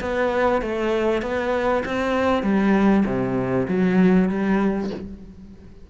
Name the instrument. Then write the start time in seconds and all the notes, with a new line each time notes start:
cello
0.00 B3
0.61 A3
1.22 B3
1.85 C4
2.42 G3
3.06 C3
3.68 F#3
4.29 G3